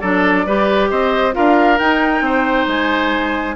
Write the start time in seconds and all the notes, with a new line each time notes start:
0.00 F#3 D4 A4 D5
0.46 G3 G4 B4
0.90 C4 C5 D#5
1.33 D4 F4 A#4 F5
1.79 D#4 G5
2.21 C4 C5
2.67 G#3 G#5